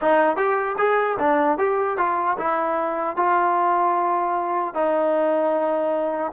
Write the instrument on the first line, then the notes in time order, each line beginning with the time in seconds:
trombone
0.01 D#4
0.36 G4
0.78 G#4
1.19 D4
1.58 G4
1.97 F4
2.38 E4
3.16 F4
4.74 D#4